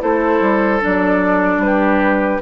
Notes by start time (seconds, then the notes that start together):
0.00 A3 E4 A4 C5
0.40 G3
0.80 F#3 D4 D5
1.57 G3 B4
1.65 G4